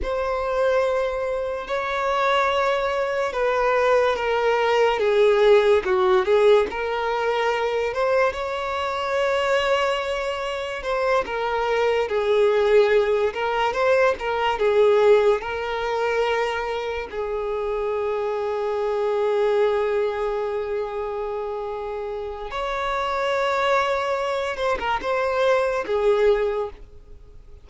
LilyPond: \new Staff \with { instrumentName = "violin" } { \time 4/4 \tempo 4 = 72 c''2 cis''2 | b'4 ais'4 gis'4 fis'8 gis'8 | ais'4. c''8 cis''2~ | cis''4 c''8 ais'4 gis'4. |
ais'8 c''8 ais'8 gis'4 ais'4.~ | ais'8 gis'2.~ gis'8~ | gis'2. cis''4~ | cis''4. c''16 ais'16 c''4 gis'4 | }